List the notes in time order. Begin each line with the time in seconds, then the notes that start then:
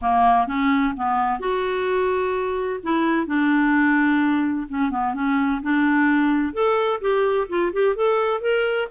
0.01 A#3
0.47 C#4
0.96 B3
1.39 F#4
2.83 E4
3.27 D4
4.68 C#4
4.90 B3
5.14 C#4
5.62 D4
6.53 A4
7.01 G4
7.48 F4
7.72 G4
7.95 A4
8.41 A#4